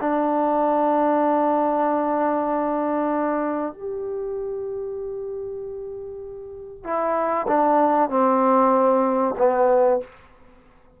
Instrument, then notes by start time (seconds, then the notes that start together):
trombone
0.00 D4
3.73 G4
6.84 E4
7.47 D4
8.09 C4
9.38 B3